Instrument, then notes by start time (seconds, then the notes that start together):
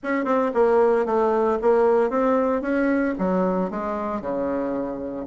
bassoon
0.03 C#4
0.25 C4
0.54 A#3
1.05 A3
1.61 A#3
2.10 C4
2.61 C#4
3.18 F#3
3.70 G#3
4.21 C#3